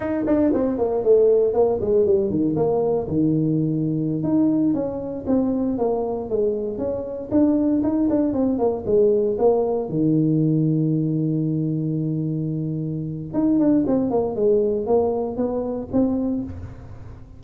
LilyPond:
\new Staff \with { instrumentName = "tuba" } { \time 4/4 \tempo 4 = 117 dis'8 d'8 c'8 ais8 a4 ais8 gis8 | g8 dis8 ais4 dis2~ | dis16 dis'4 cis'4 c'4 ais8.~ | ais16 gis4 cis'4 d'4 dis'8 d'16~ |
d'16 c'8 ais8 gis4 ais4 dis8.~ | dis1~ | dis2 dis'8 d'8 c'8 ais8 | gis4 ais4 b4 c'4 | }